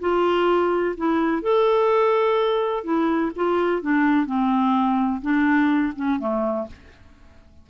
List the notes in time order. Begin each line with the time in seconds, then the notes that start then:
0.00 F4
0.97 E4
1.42 A4
2.84 E4
3.35 F4
3.82 D4
4.26 C4
5.22 D4
5.95 C#4
6.19 A3